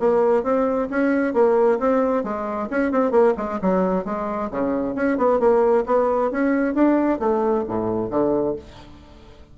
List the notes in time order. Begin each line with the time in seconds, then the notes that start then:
0.00 A#3
0.43 C4
0.90 C#4
1.34 A#3
1.80 C4
2.24 G#3
2.71 C#4
2.92 C4
3.11 A#3
3.38 G#3
3.62 F#3
4.05 G#3
4.51 C#3
4.95 C#4
5.18 B3
5.40 A#3
5.86 B3
6.32 C#4
6.75 D4
7.20 A3
7.68 A2
8.11 D3